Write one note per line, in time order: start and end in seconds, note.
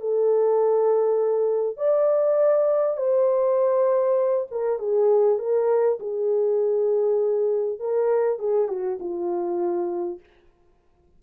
0.00 1.77 A4
1.77 2.97 D5
2.97 4.47 C5
4.51 4.79 A#4
4.79 5.38 G#4
5.38 5.98 A#4
6.00 7.79 G#4
7.79 8.39 A#4
8.39 8.68 G#4
8.68 8.98 F#4
9.00 10.20 F4